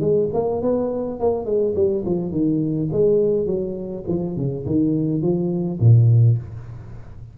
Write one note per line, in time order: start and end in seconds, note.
0.00 0.29 G#3
0.34 0.62 A#3
0.62 1.20 B3
1.20 1.45 A#3
1.45 1.74 G#3
1.75 2.04 G3
2.06 2.32 F3
2.32 2.89 D#3
2.92 3.46 G#3
3.46 4.04 F#3
4.08 4.37 F3
4.37 4.65 C#3
4.66 5.22 D#3
5.22 5.80 F3
5.80 6.37 A#2